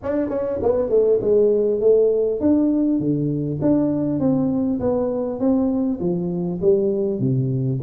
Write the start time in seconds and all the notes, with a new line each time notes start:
0.02 D4
0.29 C#4
0.62 B3
0.89 A3
1.21 G#3
1.80 A3
2.40 D4
2.99 D3
3.61 D4
4.19 C4
4.80 B3
5.39 C4
6.00 F3
6.61 G3
7.19 C3